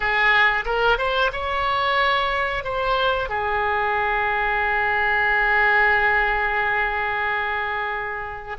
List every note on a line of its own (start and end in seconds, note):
0.00 0.64 G#4
0.65 0.98 A#4
0.98 1.31 C5
1.32 2.64 C#5
2.64 3.29 C5
3.29 8.57 G#4